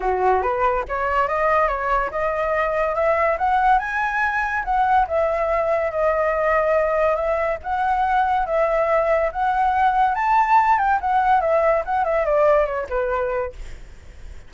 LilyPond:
\new Staff \with { instrumentName = "flute" } { \time 4/4 \tempo 4 = 142 fis'4 b'4 cis''4 dis''4 | cis''4 dis''2 e''4 | fis''4 gis''2 fis''4 | e''2 dis''2~ |
dis''4 e''4 fis''2 | e''2 fis''2 | a''4. g''8 fis''4 e''4 | fis''8 e''8 d''4 cis''8 b'4. | }